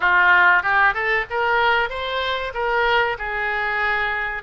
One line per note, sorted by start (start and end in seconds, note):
0.00 0.63 F4
0.63 0.93 G4
0.93 1.25 A4
1.29 1.89 A#4
1.89 2.52 C5
2.54 3.17 A#4
3.18 4.42 G#4